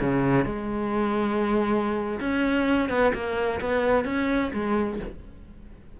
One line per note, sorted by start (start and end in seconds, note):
0.00 0.45 C#3
0.45 2.20 G#3
2.20 2.89 C#4
2.89 3.12 B3
3.14 3.61 A#3
3.61 4.05 B3
4.05 4.51 C#4
4.53 5.00 G#3